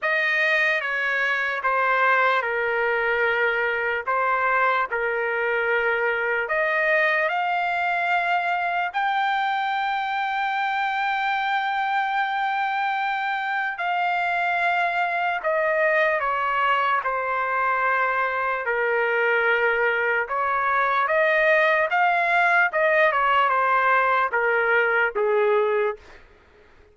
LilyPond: \new Staff \with { instrumentName = "trumpet" } { \time 4/4 \tempo 4 = 74 dis''4 cis''4 c''4 ais'4~ | ais'4 c''4 ais'2 | dis''4 f''2 g''4~ | g''1~ |
g''4 f''2 dis''4 | cis''4 c''2 ais'4~ | ais'4 cis''4 dis''4 f''4 | dis''8 cis''8 c''4 ais'4 gis'4 | }